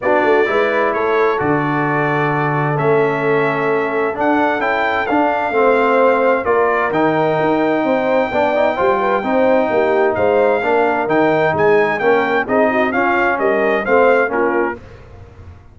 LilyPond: <<
  \new Staff \with { instrumentName = "trumpet" } { \time 4/4 \tempo 4 = 130 d''2 cis''4 d''4~ | d''2 e''2~ | e''4 fis''4 g''4 f''4~ | f''2 d''4 g''4~ |
g''1~ | g''2 f''2 | g''4 gis''4 g''4 dis''4 | f''4 dis''4 f''4 ais'4 | }
  \new Staff \with { instrumentName = "horn" } { \time 4/4 fis'4 b'4 a'2~ | a'1~ | a'1 | c''2 ais'2~ |
ais'4 c''4 d''4 c''8 b'8 | c''4 g'4 c''4 ais'4~ | ais'4 gis'4 ais'4 gis'8 fis'8 | f'4 ais'4 c''4 f'4 | }
  \new Staff \with { instrumentName = "trombone" } { \time 4/4 d'4 e'2 fis'4~ | fis'2 cis'2~ | cis'4 d'4 e'4 d'4 | c'2 f'4 dis'4~ |
dis'2 d'8 dis'8 f'4 | dis'2. d'4 | dis'2 cis'4 dis'4 | cis'2 c'4 cis'4 | }
  \new Staff \with { instrumentName = "tuba" } { \time 4/4 b8 a8 gis4 a4 d4~ | d2 a2~ | a4 d'4 cis'4 d'4 | a2 ais4 dis4 |
dis'4 c'4 b4 g4 | c'4 ais4 gis4 ais4 | dis4 gis4 ais4 c'4 | cis'4 g4 a4 ais4 | }
>>